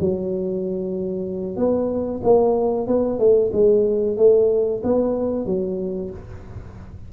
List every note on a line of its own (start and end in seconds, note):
0.00 1.56 F#3
1.56 2.21 B3
2.23 2.87 A#3
2.87 3.19 B3
3.19 3.51 A3
3.52 4.17 G#3
4.17 4.82 A3
4.83 5.45 B3
5.45 6.10 F#3